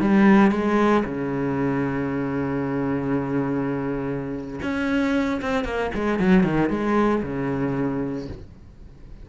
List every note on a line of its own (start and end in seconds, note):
0.00 0.51 G3
0.51 1.03 G#3
1.04 4.60 C#3
4.61 5.40 C#4
5.41 5.64 C4
5.64 5.90 A#3
5.94 6.19 G#3
6.19 6.43 F#3
6.43 6.69 D#3
6.69 7.22 G#3
7.22 8.28 C#3